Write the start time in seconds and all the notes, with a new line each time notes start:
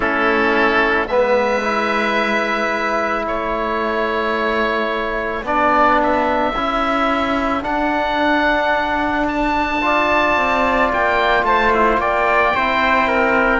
0.00 A3 C#4 E4 A4
1.07 G#3 B3 B4 E5
1.62 E4
3.23 A3 A4 C#5
5.42 B3 D4 D5
6.02 E5
6.55 C#4 E4
7.62 D4 F#5
9.27 A5
9.81 F4 D5
10.37 C4
10.92 A#3 G5
11.43 A3 C5 A5
11.73 E4
11.97 A#3 D5 G5
12.55 C4 E4 C5
13.07 A#4